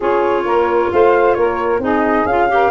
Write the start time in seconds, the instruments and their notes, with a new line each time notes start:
0.00 tuba C#4, clarinet F4, saxophone G#4, flute C#5
0.45 tuba A#3, saxophone A#4
0.92 tuba A3, saxophone C5, flute F5
1.34 tuba A#3, saxophone A#4, flute C#5
1.79 tuba C4, clarinet D#4, saxophone G#4, flute D#5
2.25 tuba C#4, clarinet F4, flute F5
2.49 clarinet G4, saxophone A#4